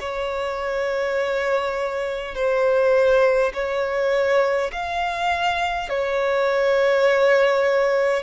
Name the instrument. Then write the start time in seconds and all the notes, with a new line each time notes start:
violin
0.00 C#5
2.35 C5
3.53 C#5
4.72 F5
5.89 C#5